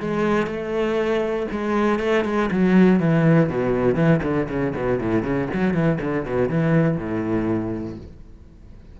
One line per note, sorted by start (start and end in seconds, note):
0.00 0.46 G#3
0.46 1.46 A3
1.51 1.99 G#3
1.99 2.24 A3
2.24 2.49 G#3
2.50 2.99 F#3
2.99 3.49 E3
3.49 3.95 B2
3.95 4.20 E3
4.23 4.48 D3
4.49 4.74 C#3
4.75 4.99 B2
4.99 5.22 A2
5.22 5.47 C#3
5.54 5.73 F#3
5.73 5.98 E3
6.01 6.25 D3
6.25 6.49 B2
6.49 6.97 E3
6.97 7.97 A2